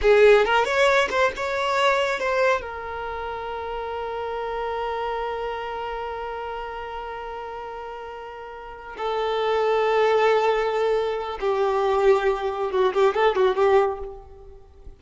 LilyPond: \new Staff \with { instrumentName = "violin" } { \time 4/4 \tempo 4 = 137 gis'4 ais'8 cis''4 c''8 cis''4~ | cis''4 c''4 ais'2~ | ais'1~ | ais'1~ |
ais'1~ | ais'8 a'2.~ a'8~ | a'2 g'2~ | g'4 fis'8 g'8 a'8 fis'8 g'4 | }